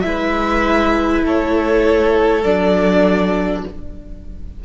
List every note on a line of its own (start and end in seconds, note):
0.00 1.23 G#3
0.00 2.44 E4
0.00 1.20 E5
0.07 1.25 B4
1.23 2.43 A3
1.23 3.65 A4
1.23 2.43 C#5
2.43 3.63 F#3
2.43 3.65 D4
2.43 3.63 D5